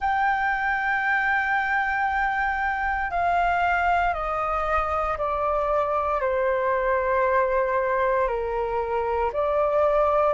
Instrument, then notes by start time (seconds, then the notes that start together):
flute
0.00 G5
3.10 F5
4.13 D#5
5.17 D5
6.21 C5
8.28 A#4
9.32 D5